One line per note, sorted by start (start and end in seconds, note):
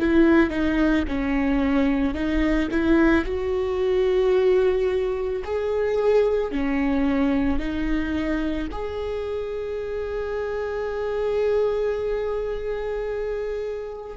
0.00 0.50 E4
0.50 1.05 D#4
1.08 2.14 C#4
2.14 2.69 D#4
2.71 3.25 E4
3.25 5.43 F#4
5.44 6.52 G#4
6.52 7.59 C#4
7.59 8.68 D#4
8.72 14.17 G#4